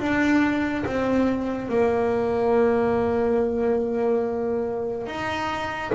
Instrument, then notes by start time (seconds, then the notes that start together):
double bass
0.00 D4
0.86 C4
1.69 A#3
5.07 D#4